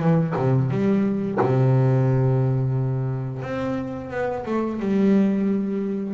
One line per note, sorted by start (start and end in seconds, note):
0.00 0.34 E3
0.37 0.71 C3
0.71 1.39 G3
1.41 3.43 C3
3.43 4.11 C4
4.11 4.45 B3
4.46 4.80 A3
4.80 6.15 G3